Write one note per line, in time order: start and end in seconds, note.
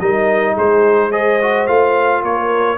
0.00 0.57 G3
0.00 1.12 D#4
0.00 0.53 A#4
0.00 0.56 D#5
0.53 1.68 G#3
0.53 1.09 G#4
0.53 1.12 C5
1.11 1.40 G#4
1.11 2.23 C5
1.11 1.67 D#5
1.42 1.68 F#4
1.67 2.23 A3
1.67 2.79 F4
1.67 2.23 F5
2.23 2.79 A#3
2.23 2.79 A#4
2.23 2.79 C#5